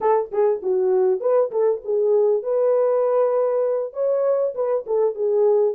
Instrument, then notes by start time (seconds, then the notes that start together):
horn
0.01 A4
0.31 G#4
0.62 F#4
1.20 B4
1.51 A4
1.84 G#4
2.42 B4
3.93 C#5
4.55 B4
4.86 A4
5.14 G#4